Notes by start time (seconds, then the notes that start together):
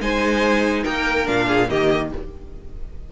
0.00 G#3 D#4 C5 G#5
0.83 A#3 A#4 G5
1.25 A#2 D4 F5
1.47 G#4
1.69 D#3 A#3 G4 D#5